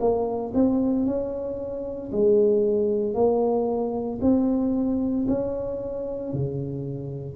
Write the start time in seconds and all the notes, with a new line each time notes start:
0.00 A#3
0.54 C4
1.06 C#4
2.11 G#3
3.14 A#3
4.21 C4
5.27 C#4
6.33 C#3